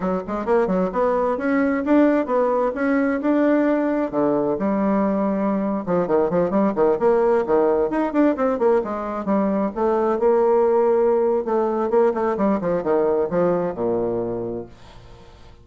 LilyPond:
\new Staff \with { instrumentName = "bassoon" } { \time 4/4 \tempo 4 = 131 fis8 gis8 ais8 fis8 b4 cis'4 | d'4 b4 cis'4 d'4~ | d'4 d4 g2~ | g8. f8 dis8 f8 g8 dis8 ais8.~ |
ais16 dis4 dis'8 d'8 c'8 ais8 gis8.~ | gis16 g4 a4 ais4.~ ais16~ | ais4 a4 ais8 a8 g8 f8 | dis4 f4 ais,2 | }